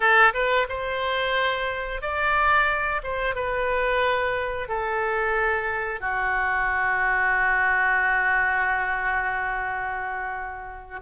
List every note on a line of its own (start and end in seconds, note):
0.00 0.33 A4
0.33 0.67 B4
0.68 2.02 C5
2.02 3.02 D5
3.03 3.35 C5
3.35 4.68 B4
4.68 6.00 A4
6.00 11.00 F#4